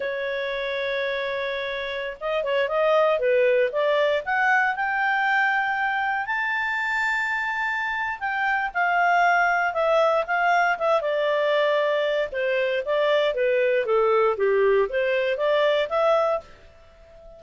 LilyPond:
\new Staff \with { instrumentName = "clarinet" } { \time 4/4 \tempo 4 = 117 cis''1~ | cis''16 dis''8 cis''8 dis''4 b'4 d''8.~ | d''16 fis''4 g''2~ g''8.~ | g''16 a''2.~ a''8. |
g''4 f''2 e''4 | f''4 e''8 d''2~ d''8 | c''4 d''4 b'4 a'4 | g'4 c''4 d''4 e''4 | }